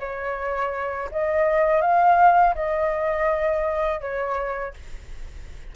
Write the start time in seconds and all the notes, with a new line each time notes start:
0.00 C#5
1.12 D#5
1.82 F5
2.55 D#5
4.01 C#5